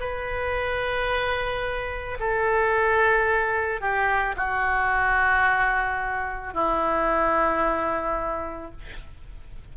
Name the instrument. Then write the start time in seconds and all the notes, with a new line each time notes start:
oboe
0.00 B4
2.20 A4
3.81 G4
4.36 F#4
6.54 E4